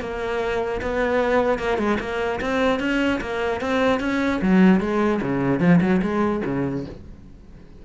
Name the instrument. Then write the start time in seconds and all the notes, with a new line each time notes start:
cello
0.00 A#3
0.81 B3
1.59 A#3
1.78 G#3
2.00 A#3
2.41 C4
2.79 C#4
3.20 A#3
3.60 C4
4.00 C#4
4.41 F#3
4.80 G#3
5.21 C#3
5.60 F3
5.81 F#3
6.02 G#3
6.45 C#3